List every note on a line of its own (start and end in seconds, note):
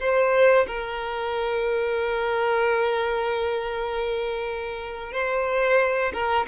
0.00 0.67 C5
0.67 5.13 A#4
5.13 6.13 C5
6.13 6.46 A#4